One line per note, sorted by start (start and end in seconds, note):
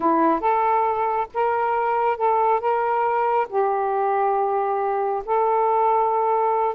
0.00 0.40 E4
0.40 1.27 A4
1.34 2.17 A#4
2.17 2.60 A4
2.60 3.47 A#4
3.49 5.23 G4
5.25 6.74 A4